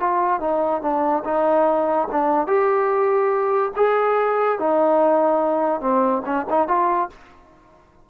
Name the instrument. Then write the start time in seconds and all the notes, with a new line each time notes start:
trombone
0.00 F4
0.40 D#4
0.82 D4
1.25 D#4
2.12 D4
2.47 G4
3.76 G#4
4.59 D#4
5.81 C4
6.26 C#4
6.50 D#4
6.68 F4